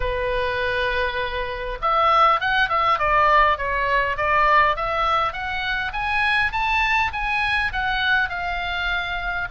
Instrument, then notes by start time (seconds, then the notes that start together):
oboe
0.00 B4
1.81 E5
2.40 F#5
2.69 E5
2.99 D5
3.57 C#5
4.16 D5
4.76 E5
5.32 F#5
5.92 G#5
6.52 A5
7.12 G#5
7.72 F#5
8.29 F5